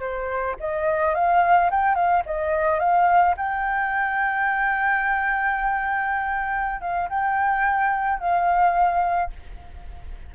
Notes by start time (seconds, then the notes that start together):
0.00 C5
0.60 D#5
1.15 F5
1.71 G5
1.95 F5
2.26 D#5
2.80 F5
3.38 G5
6.82 F5
7.10 G5
8.20 F5